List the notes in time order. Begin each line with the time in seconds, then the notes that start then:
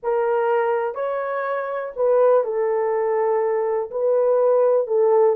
0.02 A#4
0.94 C#5
1.95 B4
2.43 A4
3.90 B4
4.87 A4